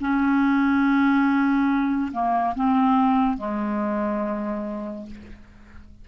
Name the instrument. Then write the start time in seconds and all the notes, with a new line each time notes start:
clarinet
0.00 C#4
2.12 A#3
2.55 C4
3.37 G#3